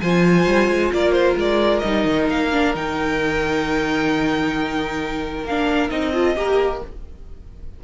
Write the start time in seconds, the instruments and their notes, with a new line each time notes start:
0.00 cello F3, viola F4, violin C5 G#5
0.46 cello G3
0.68 cello G#3
0.93 cello A#3, violin A#4 D5
1.12 violin C5
1.35 cello G#3, violin D5
1.79 cello G3, viola D#4, violin D#5
2.05 cello D#3
2.28 cello A#3, violin F5
2.52 viola D4
2.74 cello D#3, viola D#4, violin G5
5.44 cello A#3, viola D4, violin F5
5.90 cello C4, viola D#4, violin D#5
6.13 viola F4, violin A4
6.36 cello A#3, viola G4, violin A#4